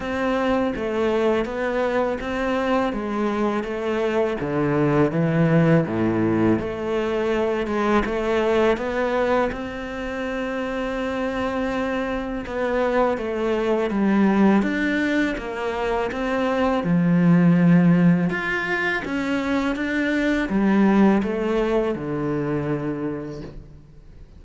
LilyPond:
\new Staff \with { instrumentName = "cello" } { \time 4/4 \tempo 4 = 82 c'4 a4 b4 c'4 | gis4 a4 d4 e4 | a,4 a4. gis8 a4 | b4 c'2.~ |
c'4 b4 a4 g4 | d'4 ais4 c'4 f4~ | f4 f'4 cis'4 d'4 | g4 a4 d2 | }